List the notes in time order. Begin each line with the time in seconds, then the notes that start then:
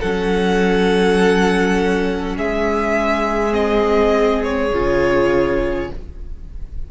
0.00 F#3 C#4 A4 F#5
2.37 G#3 G#4 E5
3.50 C4 D#5
4.43 C#5
4.72 C#3 F4